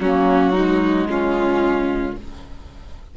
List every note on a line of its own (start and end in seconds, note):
0.00 1.07 F#3
0.00 0.54 A#3
0.00 0.53 C#4
0.00 1.07 F#4
0.53 2.15 G#3
0.53 1.06 D#4
1.07 2.14 C#3
1.07 2.17 C#4
1.07 2.17 F4